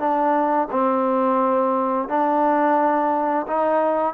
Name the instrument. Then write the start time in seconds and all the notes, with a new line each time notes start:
trombone
0.00 D4
0.71 C4
2.09 D4
3.47 D#4